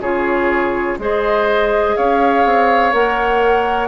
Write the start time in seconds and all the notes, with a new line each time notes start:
0.00 C#3 F4 G#4 C#5
0.98 G#3 G#4 C5 D#5
1.96 C#4 C#5 F5
2.45 C4
2.92 A#3 A#4 F#5